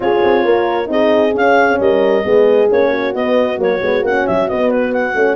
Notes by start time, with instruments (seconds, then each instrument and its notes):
0.00 tuba C#4, horn F4 G#4, clarinet C#5
0.23 tuba C4
0.44 tuba A#3, horn A#4
0.86 tuba C4, horn D#4 G#4, clarinet D#5
1.33 tuba C#4, horn C#4, clarinet F5
1.79 tuba G3, horn A#4, clarinet D#5
2.24 tuba G#3, horn B3 G#4
2.70 tuba A#3, horn C#4, clarinet C#5
2.90 horn F#4
3.14 tuba B3, horn B3, clarinet D#5
3.57 tuba F#3, horn A#3, clarinet C#5
3.81 tuba G#3, horn B3
4.02 tuba A#3, horn C#4, clarinet F#5
4.26 tuba F#3, clarinet E5
4.48 horn B3, tuba B3, clarinet D#5
4.70 clarinet B4
4.92 clarinet F#5
5.14 tuba A3, horn C#4